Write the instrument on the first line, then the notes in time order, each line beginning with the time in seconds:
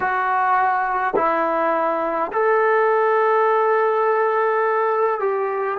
trombone
0.00 F#4
1.15 E4
2.32 A4
5.20 G4